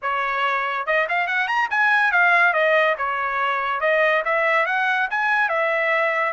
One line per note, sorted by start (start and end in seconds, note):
0.02 0.86 C#5
0.86 1.07 D#5
1.08 1.27 F5
1.27 1.47 F#5
1.47 1.68 A#5
1.70 2.11 G#5
2.11 2.53 F5
2.53 2.95 D#5
2.97 3.80 C#5
3.80 4.22 D#5
4.24 4.66 E5
4.66 5.08 F#5
5.10 5.49 G#5
5.49 6.32 E5